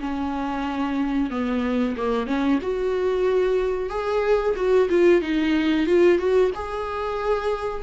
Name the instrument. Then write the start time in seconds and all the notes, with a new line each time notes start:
viola
0.00 C#4
1.30 B3
1.97 A#3
2.26 C#4
2.62 F#4
3.90 G#4
4.56 F#4
4.89 F4
5.21 D#4
5.86 F4
6.18 F#4
6.55 G#4